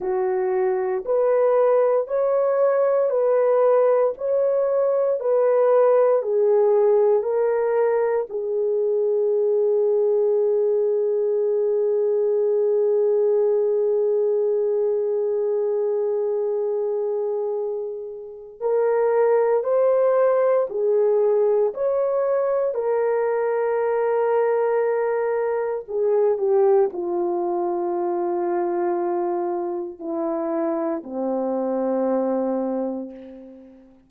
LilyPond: \new Staff \with { instrumentName = "horn" } { \time 4/4 \tempo 4 = 58 fis'4 b'4 cis''4 b'4 | cis''4 b'4 gis'4 ais'4 | gis'1~ | gis'1~ |
gis'2 ais'4 c''4 | gis'4 cis''4 ais'2~ | ais'4 gis'8 g'8 f'2~ | f'4 e'4 c'2 | }